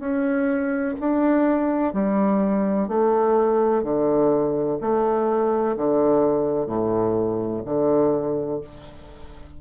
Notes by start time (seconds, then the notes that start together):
0.00 C#4
1.00 D4
1.94 G3
2.88 A3
3.84 D3
4.81 A3
5.77 D3
6.67 A2
7.65 D3